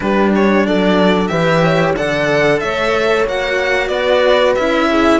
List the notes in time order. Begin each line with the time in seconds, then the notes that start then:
0.00 G3 D4 G4 B4
0.35 C#5
0.66 F#3 A4 D5
1.27 E3 G4 B4 E5
1.63 C#5
1.96 D3 A4 D5 F#5
2.59 A3 C#5 E5
3.24 A#3 F#4 F#5
3.88 B3 B4 D5
4.55 C#4 E4 E5
4.90 G#4